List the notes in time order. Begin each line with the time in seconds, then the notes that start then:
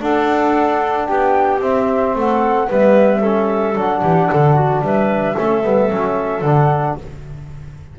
0.00 D4 A4 F#5
1.06 B3 G4 G5
1.62 C4 E5
2.16 A3 A4 F#5
2.68 G3 B3 B4 E5
3.21 C#4 A4
3.75 F#3 D4 F#5
4.02 E3 G4
4.30 D3 A4
4.55 F#4
4.82 G3 B4 E5
5.37 A3 C#4 A4
5.64 G3 B3
5.90 F#3 C#4
6.42 D3 D4 F#5